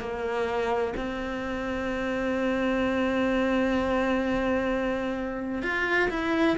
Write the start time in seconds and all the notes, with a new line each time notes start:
0.00 A#3
0.97 C4
5.62 F4
6.10 E4